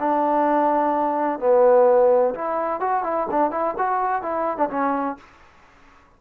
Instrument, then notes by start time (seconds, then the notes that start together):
trombone
0.00 D4
1.40 B3
2.35 E4
2.80 F#4
3.04 E4
3.31 D4
3.51 E4
3.78 F#4
4.23 E4
4.58 D4
4.70 C#4